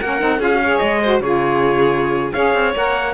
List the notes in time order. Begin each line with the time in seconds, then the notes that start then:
0.00 A#3 C#4 A#4 F#5
0.19 C4 D#4
0.39 C#4 F4 G#4 F5
0.52 F#4
0.63 G#4 C#5
0.78 G#3 D#5
1.02 F#4 C5
1.20 C#3 F4 G#4 C#5
2.32 C#4 G#4 C#5 F5
2.54 C4
2.75 A#3 A#4 F#5